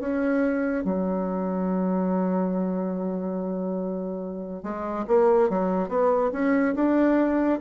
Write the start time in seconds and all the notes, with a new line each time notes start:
0.00 C#4
0.85 F#3
4.64 G#3
5.08 A#3
5.50 F#3
5.89 B3
6.33 C#4
6.75 D4